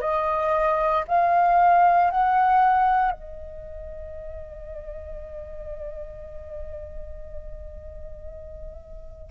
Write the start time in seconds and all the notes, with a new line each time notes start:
0.00 D#5
1.08 F5
2.10 F#5
3.11 D#5